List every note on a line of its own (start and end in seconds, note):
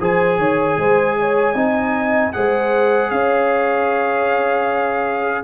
0.00 0.38 F3
0.00 1.55 G#4
0.00 0.39 C5
0.00 2.33 G#5
0.38 0.77 D#3
0.38 0.78 C#5
0.77 1.54 G#3
0.77 1.18 C5
1.19 1.55 C#5
1.54 2.32 C4
1.54 2.33 D#4
1.54 2.32 D#5
2.33 3.10 G#3
2.33 5.43 G#4
2.33 3.12 C5
2.33 3.10 F#5
3.10 5.43 C#4
3.10 5.43 C#5
3.10 5.43 F5